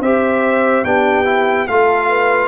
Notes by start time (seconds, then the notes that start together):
0.00 C4 G4 C5 E5
0.84 B3 D4 G4 G5
1.25 E4
1.67 A3 F4 A4 F5
2.09 B4